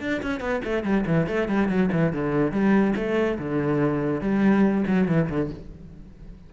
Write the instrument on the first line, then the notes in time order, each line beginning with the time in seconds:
cello
0.00 D4
0.22 C#4
0.40 B3
0.64 A3
0.83 G3
1.06 E3
1.27 A3
1.48 G3
1.68 F#3
1.92 E3
2.12 D3
2.52 G3
2.95 A3
3.38 D3
4.21 G3
4.86 F#3
5.07 E3
5.29 D3